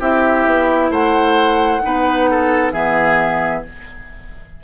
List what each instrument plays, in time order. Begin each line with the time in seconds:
0.00 bassoon C4, clarinet E4, oboe G4, flute E5
0.45 bassoon B3
0.90 bassoon A3, oboe C5, flute F#5
1.82 bassoon B3, clarinet D#4, oboe B4
2.31 oboe A4
2.72 bassoon E3, clarinet B3, oboe G#4, flute E5